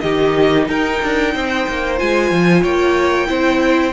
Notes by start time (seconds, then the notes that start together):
0.00 D#3 D#4 G4 D#5
0.68 D#4 A#4 G5
1.02 D4
1.35 C4 C5
1.68 A#3
1.98 G#3 F4 G#5
2.31 F3
2.63 A#3 C#5 G5
3.27 C4 E4 C5